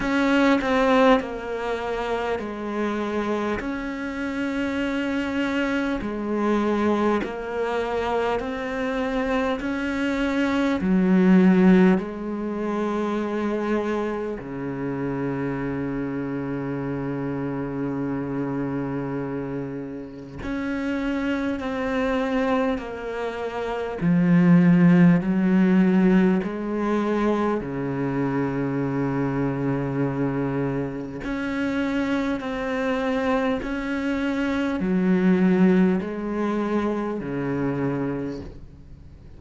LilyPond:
\new Staff \with { instrumentName = "cello" } { \time 4/4 \tempo 4 = 50 cis'8 c'8 ais4 gis4 cis'4~ | cis'4 gis4 ais4 c'4 | cis'4 fis4 gis2 | cis1~ |
cis4 cis'4 c'4 ais4 | f4 fis4 gis4 cis4~ | cis2 cis'4 c'4 | cis'4 fis4 gis4 cis4 | }